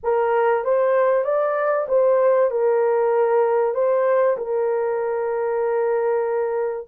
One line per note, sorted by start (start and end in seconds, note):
0.03 0.64 A#4
0.64 1.24 C5
1.24 1.86 D5
1.88 2.50 C5
2.51 3.74 A#4
3.74 4.36 C5
4.37 6.87 A#4